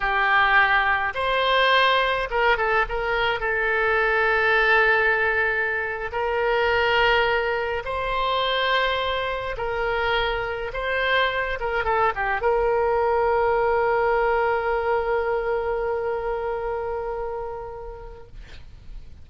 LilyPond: \new Staff \with { instrumentName = "oboe" } { \time 4/4 \tempo 4 = 105 g'2 c''2 | ais'8 a'8 ais'4 a'2~ | a'2~ a'8. ais'4~ ais'16~ | ais'4.~ ais'16 c''2~ c''16~ |
c''8. ais'2 c''4~ c''16~ | c''16 ais'8 a'8 g'8 ais'2~ ais'16~ | ais'1~ | ais'1 | }